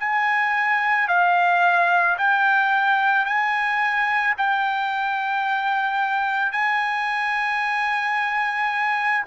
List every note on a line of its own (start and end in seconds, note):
0.00 1.08 G#5
1.08 2.17 F5
2.18 3.26 G5
3.26 4.35 G#5
4.38 6.53 G5
6.53 9.25 G#5